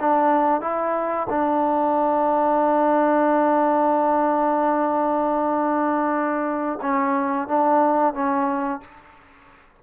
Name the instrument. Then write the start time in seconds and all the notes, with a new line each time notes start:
trombone
0.00 D4
0.61 E4
1.29 D4
6.82 C#4
7.48 D4
8.14 C#4